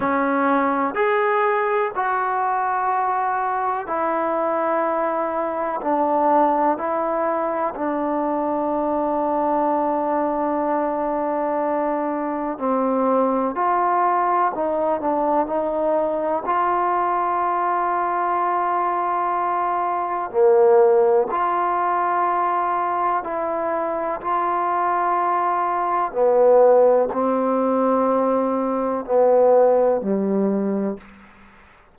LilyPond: \new Staff \with { instrumentName = "trombone" } { \time 4/4 \tempo 4 = 62 cis'4 gis'4 fis'2 | e'2 d'4 e'4 | d'1~ | d'4 c'4 f'4 dis'8 d'8 |
dis'4 f'2.~ | f'4 ais4 f'2 | e'4 f'2 b4 | c'2 b4 g4 | }